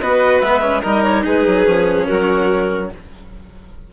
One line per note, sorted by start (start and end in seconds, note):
0.00 0.42 B3
0.00 0.43 F#4
0.00 0.81 B4
0.00 0.40 D#5
0.40 0.83 G#3
0.40 0.62 B3
0.40 0.81 E5
0.62 0.82 C#4
0.81 1.26 G3
0.81 1.66 D#4
0.81 1.23 A#4
0.81 1.03 D#5
1.03 1.24 C#5
1.24 1.47 G#3
1.24 2.07 G#4
1.24 2.07 B4
1.47 1.67 F#3
1.66 2.08 F3
1.66 2.90 C#4
2.07 2.93 F#3
2.07 2.91 F#4
2.07 2.90 A#4